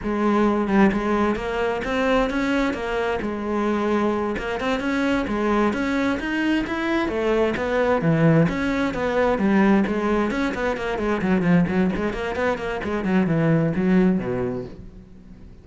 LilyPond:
\new Staff \with { instrumentName = "cello" } { \time 4/4 \tempo 4 = 131 gis4. g8 gis4 ais4 | c'4 cis'4 ais4 gis4~ | gis4. ais8 c'8 cis'4 gis8~ | gis8 cis'4 dis'4 e'4 a8~ |
a8 b4 e4 cis'4 b8~ | b8 g4 gis4 cis'8 b8 ais8 | gis8 fis8 f8 fis8 gis8 ais8 b8 ais8 | gis8 fis8 e4 fis4 b,4 | }